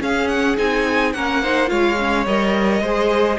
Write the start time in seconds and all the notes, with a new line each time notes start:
0.00 C#4 G#4 F5
0.29 F#5
0.58 C4 D#4 G#5
1.13 A#3 C#4 A#4 F#5
1.43 D#4 C5
1.67 G#3 F4 C#5 F5
1.99 C#4
2.26 G3 A#4 D#5
2.81 G#3 G#4 C5